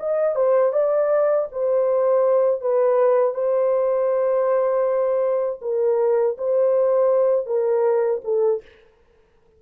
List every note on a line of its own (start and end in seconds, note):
0.00 0.36 D#5
0.36 0.73 C5
0.73 1.48 D5
1.52 2.61 C5
2.61 3.35 B4
3.35 5.60 C5
5.62 6.37 A#4
6.38 7.47 C5
7.47 8.22 A#4
8.25 8.62 A4